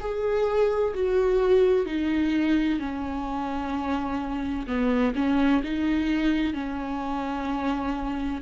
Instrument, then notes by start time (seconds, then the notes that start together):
viola
0.00 G#4
0.94 F#4
1.85 D#4
2.79 C#4
4.67 B3
5.15 C#4
5.63 D#4
6.53 C#4